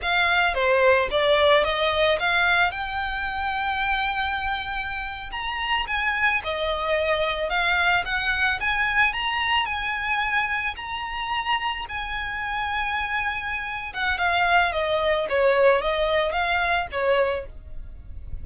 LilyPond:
\new Staff \with { instrumentName = "violin" } { \time 4/4 \tempo 4 = 110 f''4 c''4 d''4 dis''4 | f''4 g''2.~ | g''4.~ g''16 ais''4 gis''4 dis''16~ | dis''4.~ dis''16 f''4 fis''4 gis''16~ |
gis''8. ais''4 gis''2 ais''16~ | ais''4.~ ais''16 gis''2~ gis''16~ | gis''4. fis''8 f''4 dis''4 | cis''4 dis''4 f''4 cis''4 | }